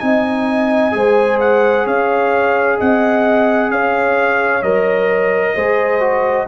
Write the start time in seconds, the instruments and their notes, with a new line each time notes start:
0.00 tuba C4, trombone D#4, horn D#5, trumpet G#5
0.92 tuba G#3, trombone G#4, horn C5
1.41 trumpet F#5
1.86 tuba C#4, horn C#5, trumpet F5
2.78 tuba C4, horn D#5, trumpet F#5
3.71 tuba C#4, horn C#5, trumpet F5
4.63 tuba F#3, trombone A#4, trumpet D#5
5.55 tuba G#3, trombone G#4, horn C5
6.01 trombone F#4